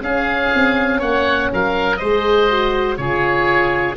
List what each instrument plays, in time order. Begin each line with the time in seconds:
0.00 tuba C#4, horn C#4, oboe G#4 F5
0.54 tuba C4
0.99 tuba A#3, oboe C#5 F#5
1.52 tuba F#3, oboe A#4 F5
1.96 tuba G#3, horn G#4, oboe C5 D#5
2.49 horn F#4
2.97 tuba C#3, horn F4, oboe G#4 C#5